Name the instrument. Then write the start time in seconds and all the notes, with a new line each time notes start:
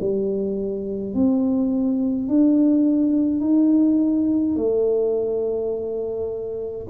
tuba
0.00 G3
1.14 C4
2.28 D4
3.40 D#4
4.56 A3